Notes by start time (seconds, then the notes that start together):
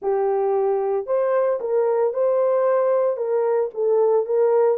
0.02 G4
1.06 C5
1.60 A#4
2.13 C5
3.16 A#4
3.73 A4
4.26 A#4